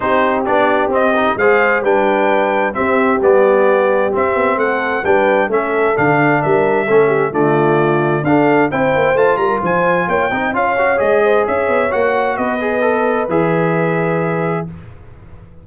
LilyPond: <<
  \new Staff \with { instrumentName = "trumpet" } { \time 4/4 \tempo 4 = 131 c''4 d''4 dis''4 f''4 | g''2 e''4 d''4~ | d''4 e''4 fis''4 g''4 | e''4 f''4 e''2 |
d''2 f''4 g''4 | a''8 ais''8 gis''4 g''4 f''4 | dis''4 e''4 fis''4 dis''4~ | dis''4 e''2. | }
  \new Staff \with { instrumentName = "horn" } { \time 4/4 g'2. c''4 | b'2 g'2~ | g'2 a'4 b'4 | a'2 ais'4 a'8 g'8 |
f'2 a'4 c''4~ | c''8 ais'8 c''4 cis''8 dis''8 cis''4~ | cis''8 c''8 cis''2 b'4~ | b'1 | }
  \new Staff \with { instrumentName = "trombone" } { \time 4/4 dis'4 d'4 c'8 dis'8 gis'4 | d'2 c'4 b4~ | b4 c'2 d'4 | cis'4 d'2 cis'4 |
a2 d'4 e'4 | f'2~ f'8 dis'8 f'8 fis'8 | gis'2 fis'4. gis'8 | a'4 gis'2. | }
  \new Staff \with { instrumentName = "tuba" } { \time 4/4 c'4 b4 c'4 gis4 | g2 c'4 g4~ | g4 c'8 b8 a4 g4 | a4 d4 g4 a4 |
d2 d'4 c'8 ais8 | a8 g8 f4 ais8 c'8 cis'4 | gis4 cis'8 b8 ais4 b4~ | b4 e2. | }
>>